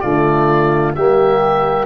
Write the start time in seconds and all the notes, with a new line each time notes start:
0.00 D3 A3 F4 D5
0.95 G3 A#3 G4 E5